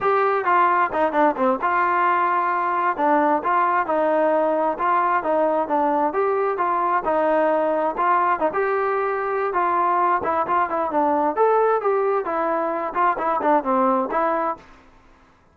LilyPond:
\new Staff \with { instrumentName = "trombone" } { \time 4/4 \tempo 4 = 132 g'4 f'4 dis'8 d'8 c'8 f'8~ | f'2~ f'8 d'4 f'8~ | f'8 dis'2 f'4 dis'8~ | dis'8 d'4 g'4 f'4 dis'8~ |
dis'4. f'4 dis'16 g'4~ g'16~ | g'4 f'4. e'8 f'8 e'8 | d'4 a'4 g'4 e'4~ | e'8 f'8 e'8 d'8 c'4 e'4 | }